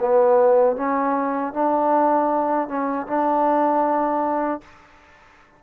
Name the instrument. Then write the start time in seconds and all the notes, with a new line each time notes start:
trombone
0.00 B3
0.77 C#4
1.53 D4
2.69 C#4
3.07 D4